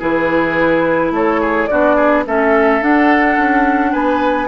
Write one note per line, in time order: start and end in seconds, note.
0.00 1.11 E3
0.00 1.69 E4
0.00 1.12 G#4
0.00 1.14 B4
1.11 1.67 A3
1.11 1.41 A4
1.11 1.67 C#5
1.41 1.69 G#4
1.67 2.26 B3
1.67 2.26 D4
1.67 1.96 F#4
1.67 2.23 D5
1.96 2.24 G#4
2.26 2.81 A3
2.26 2.81 C#4
2.26 3.92 A4
2.26 2.83 E5
2.81 3.37 D4
2.81 4.49 D4
2.81 3.93 F#5
3.38 3.94 C#4
3.92 4.49 B3
3.92 4.48 B4
3.92 4.49 G#5